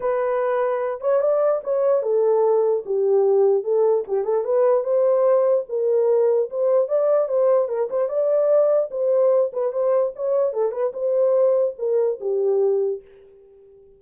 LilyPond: \new Staff \with { instrumentName = "horn" } { \time 4/4 \tempo 4 = 148 b'2~ b'8 cis''8 d''4 | cis''4 a'2 g'4~ | g'4 a'4 g'8 a'8 b'4 | c''2 ais'2 |
c''4 d''4 c''4 ais'8 c''8 | d''2 c''4. b'8 | c''4 cis''4 a'8 b'8 c''4~ | c''4 ais'4 g'2 | }